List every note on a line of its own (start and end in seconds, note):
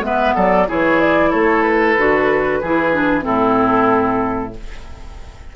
0.00 0.32 G#3
0.00 0.66 B3
0.00 0.35 B4
0.00 0.36 E5
0.35 0.69 F#3
0.35 0.67 A4
0.35 0.68 D5
0.68 1.33 E3
0.68 1.97 E4
0.68 1.30 G#4
0.68 1.01 C#5
1.01 1.32 D5
1.30 1.97 A3
1.30 2.59 A4
1.30 1.62 C#5
1.62 3.24 B4
1.97 2.62 D3
1.97 2.62 F#4
2.61 3.27 E3
2.61 2.93 E4
2.61 3.25 G#4
2.93 3.21 D4
3.21 4.56 A2
3.21 4.50 C4
3.21 4.54 E4
3.21 4.53 A4